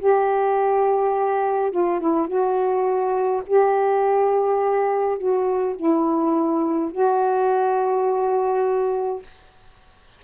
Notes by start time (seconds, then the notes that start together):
0.00 G4
1.72 F4
2.00 E4
2.28 F#4
3.47 G4
5.19 F#4
5.76 E4
6.92 F#4